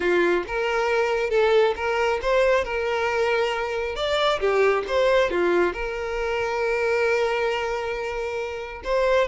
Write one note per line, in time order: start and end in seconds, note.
0.00 0.44 F4
0.47 1.30 A#4
1.30 1.74 A4
1.75 2.20 A#4
2.21 2.64 C5
2.64 3.95 A#4
3.95 4.39 D5
4.40 4.84 G4
4.87 5.30 C5
5.30 5.73 F4
5.73 8.82 A#4
8.84 9.27 C5